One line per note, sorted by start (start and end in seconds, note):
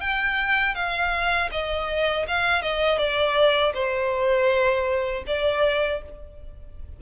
0.00 0.74 G5
0.74 1.49 F5
1.51 2.26 D#5
2.27 2.61 F5
2.61 2.98 D#5
2.98 3.73 D5
3.74 5.24 C5
5.26 6.01 D5